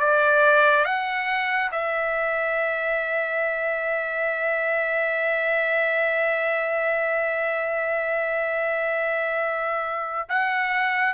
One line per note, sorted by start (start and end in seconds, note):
0.00 0.85 D5
0.85 1.71 F#5
1.72 10.29 E5
10.30 11.14 F#5